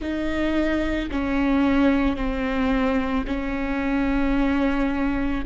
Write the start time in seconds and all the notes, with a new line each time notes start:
0.00 D#4
1.11 C#4
2.16 C4
3.27 C#4